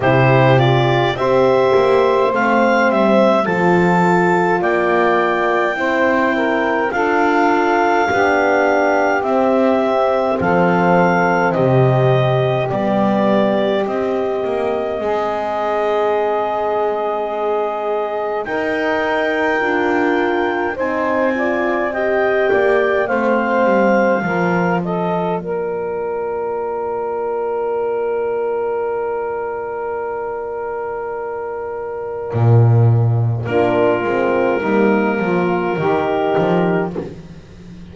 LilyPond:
<<
  \new Staff \with { instrumentName = "clarinet" } { \time 4/4 \tempo 4 = 52 c''8 d''8 e''4 f''8 e''8 a''4 | g''2 f''2 | e''4 f''4 dis''4 d''4 | dis''1 |
g''2 gis''4 g''4 | f''4. dis''8 d''2~ | d''1~ | d''4 ais'2. | }
  \new Staff \with { instrumentName = "saxophone" } { \time 4/4 g'4 c''2 a'4 | d''4 c''8 ais'8 a'4 g'4~ | g'4 a'4 g'2~ | g'4 gis'2. |
ais'2 c''8 d''8 dis''8 d''8 | c''4 ais'8 a'8 ais'2~ | ais'1~ | ais'4 f'4 dis'8 f'8 g'4 | }
  \new Staff \with { instrumentName = "horn" } { \time 4/4 e'8 f'8 g'4 c'4 f'4~ | f'4 e'4 f'4 d'4 | c'2. b4 | c'1 |
dis'4 f'4 dis'8 f'8 g'4 | c'4 f'2.~ | f'1~ | f'4 d'8 c'8 ais4 dis'4 | }
  \new Staff \with { instrumentName = "double bass" } { \time 4/4 c4 c'8 ais8 a8 g8 f4 | ais4 c'4 d'4 b4 | c'4 f4 c4 g4 | c'8 ais8 gis2. |
dis'4 d'4 c'4. ais8 | a8 g8 f4 ais2~ | ais1 | ais,4 ais8 gis8 g8 f8 dis8 f8 | }
>>